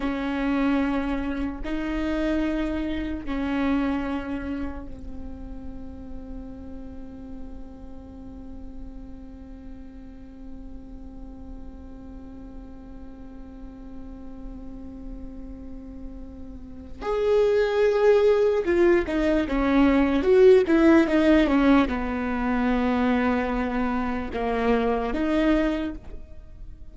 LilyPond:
\new Staff \with { instrumentName = "viola" } { \time 4/4 \tempo 4 = 74 cis'2 dis'2 | cis'2 c'2~ | c'1~ | c'1~ |
c'1~ | c'4 gis'2 f'8 dis'8 | cis'4 fis'8 e'8 dis'8 cis'8 b4~ | b2 ais4 dis'4 | }